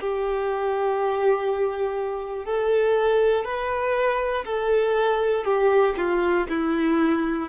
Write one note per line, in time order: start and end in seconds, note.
0.00 2.45 G4
2.45 3.45 A4
3.45 4.45 B4
4.45 5.45 A4
5.45 5.95 G4
5.97 6.47 F4
6.49 7.49 E4